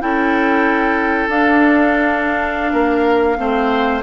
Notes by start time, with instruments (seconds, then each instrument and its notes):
0.00 bassoon C#4, clarinet E4, oboe A4, flute G5
1.28 bassoon D4, clarinet D4, flute F5
2.72 bassoon A#3, oboe A#4
3.37 bassoon A3, clarinet C4, oboe C5